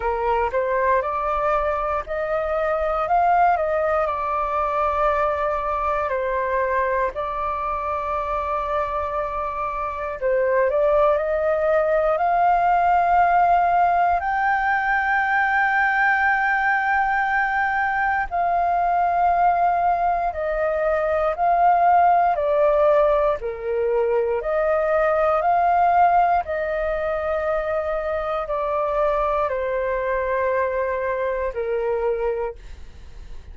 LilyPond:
\new Staff \with { instrumentName = "flute" } { \time 4/4 \tempo 4 = 59 ais'8 c''8 d''4 dis''4 f''8 dis''8 | d''2 c''4 d''4~ | d''2 c''8 d''8 dis''4 | f''2 g''2~ |
g''2 f''2 | dis''4 f''4 d''4 ais'4 | dis''4 f''4 dis''2 | d''4 c''2 ais'4 | }